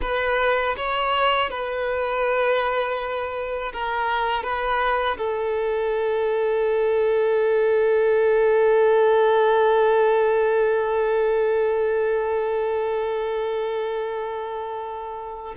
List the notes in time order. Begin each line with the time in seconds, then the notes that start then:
0.01 B4
0.76 C#5
1.50 B4
3.72 A#4
4.43 B4
5.17 A4